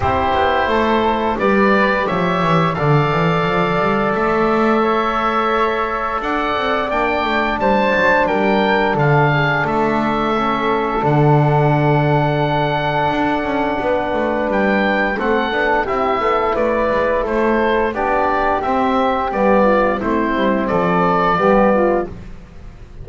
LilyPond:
<<
  \new Staff \with { instrumentName = "oboe" } { \time 4/4 \tempo 4 = 87 c''2 d''4 e''4 | f''2 e''2~ | e''4 fis''4 g''4 a''4 | g''4 f''4 e''2 |
fis''1~ | fis''4 g''4 fis''4 e''4 | d''4 c''4 d''4 e''4 | d''4 c''4 d''2 | }
  \new Staff \with { instrumentName = "flute" } { \time 4/4 g'4 a'4 b'4 cis''4 | d''2. cis''4~ | cis''4 d''2 c''4 | ais'4 a'8 gis'8 a'2~ |
a'1 | b'2 a'4 g'8 a'8 | b'4 a'4 g'2~ | g'8 f'8 e'4 a'4 g'8 f'8 | }
  \new Staff \with { instrumentName = "trombone" } { \time 4/4 e'2 g'2 | a'1~ | a'2 d'2~ | d'2. cis'4 |
d'1~ | d'2 c'8 d'8 e'4~ | e'2 d'4 c'4 | b4 c'2 b4 | }
  \new Staff \with { instrumentName = "double bass" } { \time 4/4 c'8 b8 a4 g4 f8 e8 | d8 e8 f8 g8 a2~ | a4 d'8 c'8 ais8 a8 g8 fis8 | g4 d4 a2 |
d2. d'8 cis'8 | b8 a8 g4 a8 b8 c'8 b8 | a8 gis8 a4 b4 c'4 | g4 a8 g8 f4 g4 | }
>>